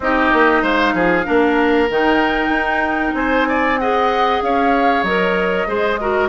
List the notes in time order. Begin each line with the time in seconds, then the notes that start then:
0.00 C4 D#4 G4 D#5
0.32 A#3
0.62 G#3 C5 F5
0.93 F3 G#4
1.24 A#3 D4 A#4
1.89 D#3 D#4 G5
2.48 D#4
3.14 C4 C5 G#5
3.48 D5
3.78 G#4 D#5 F#5
4.42 C#4 C#5 F5
5.03 F#3 A#4 D#5
5.67 G#3 G#4 C5
6.00 F#4 A#4